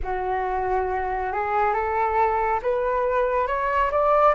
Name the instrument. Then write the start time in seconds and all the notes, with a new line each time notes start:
flute
0.02 F#4
1.32 G#4
1.73 A4
2.62 B4
3.47 C#5
3.91 D5